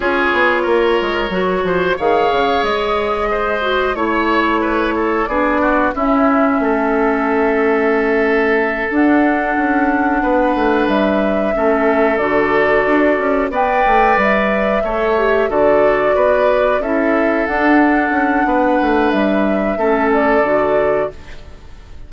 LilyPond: <<
  \new Staff \with { instrumentName = "flute" } { \time 4/4 \tempo 4 = 91 cis''2. f''4 | dis''2 cis''2 | d''4 e''2.~ | e''4. fis''2~ fis''8~ |
fis''8 e''2 d''4.~ | d''8 g''4 e''2 d''8~ | d''4. e''4 fis''4.~ | fis''4 e''4. d''4. | }
  \new Staff \with { instrumentName = "oboe" } { \time 4/4 gis'4 ais'4. c''8 cis''4~ | cis''4 c''4 cis''4 b'8 a'8 | gis'8 fis'8 e'4 a'2~ | a'2.~ a'8 b'8~ |
b'4. a'2~ a'8~ | a'8 d''2 cis''4 a'8~ | a'8 b'4 a'2~ a'8 | b'2 a'2 | }
  \new Staff \with { instrumentName = "clarinet" } { \time 4/4 f'2 fis'4 gis'4~ | gis'4. fis'8 e'2 | d'4 cis'2.~ | cis'4. d'2~ d'8~ |
d'4. cis'4 fis'4.~ | fis'8 b'2 a'8 g'8 fis'8~ | fis'4. e'4 d'4.~ | d'2 cis'4 fis'4 | }
  \new Staff \with { instrumentName = "bassoon" } { \time 4/4 cis'8 b8 ais8 gis8 fis8 f8 dis8 cis8 | gis2 a2 | b4 cis'4 a2~ | a4. d'4 cis'4 b8 |
a8 g4 a4 d4 d'8 | cis'8 b8 a8 g4 a4 d8~ | d8 b4 cis'4 d'4 cis'8 | b8 a8 g4 a4 d4 | }
>>